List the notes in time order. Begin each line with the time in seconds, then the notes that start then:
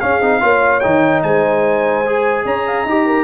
0.00 C#4 G#4 F5
0.21 C4 D#4
0.40 A#3 F4 C#5
0.80 D#3 D#4 G5
1.23 G#3 C5 G#5
2.06 G#4
2.45 C#4 C#5 A#5
2.67 F5
2.84 D#4 G4 D#5
3.06 A#4